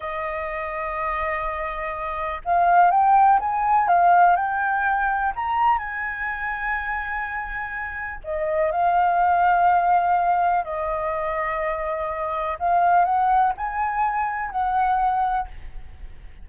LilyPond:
\new Staff \with { instrumentName = "flute" } { \time 4/4 \tempo 4 = 124 dis''1~ | dis''4 f''4 g''4 gis''4 | f''4 g''2 ais''4 | gis''1~ |
gis''4 dis''4 f''2~ | f''2 dis''2~ | dis''2 f''4 fis''4 | gis''2 fis''2 | }